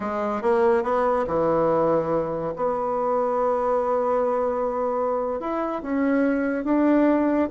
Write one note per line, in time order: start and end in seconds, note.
0.00 0.41 G#3
0.41 0.83 A#3
0.83 1.25 B3
1.27 2.54 E3
2.56 5.40 B3
5.40 5.82 E4
5.82 6.64 C#4
6.64 7.49 D4